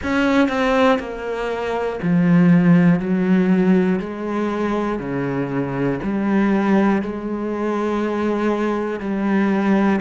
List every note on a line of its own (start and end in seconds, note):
0.03 0.48 C#4
0.48 0.98 C4
0.99 1.99 A#3
2.02 3.00 F3
3.00 3.99 F#3
3.99 4.99 G#3
4.99 5.99 C#3
6.03 7.01 G3
7.01 9.00 G#3
9.00 10.00 G3